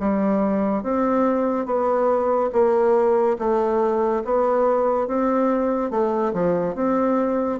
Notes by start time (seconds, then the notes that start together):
0.00 G3
0.83 C4
1.66 B3
2.52 A#3
3.38 A3
4.24 B3
5.07 C4
5.90 A3
6.33 F3
6.75 C4